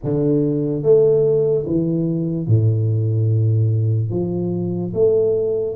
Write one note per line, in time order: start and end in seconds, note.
0.03 0.83 D3
0.83 1.65 A3
1.66 2.47 E3
2.47 4.10 A2
4.10 4.92 F3
4.93 5.75 A3